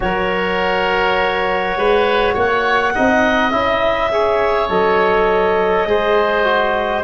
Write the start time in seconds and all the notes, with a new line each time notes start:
0.00 F#3 F#4 A#4 C#5
1.76 G#3 B4
2.34 A#3 C#5 F#5
2.93 C4 D#4 D#5
3.51 C#4 E4 E5
4.10 G#4 C#5
4.69 F#3 A4 D#5
5.86 G#3 G#4 C5
6.44 F#4